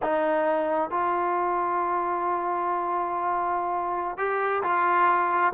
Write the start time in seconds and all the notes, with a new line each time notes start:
0.02 D#4
0.90 F4
4.17 G4
4.63 F4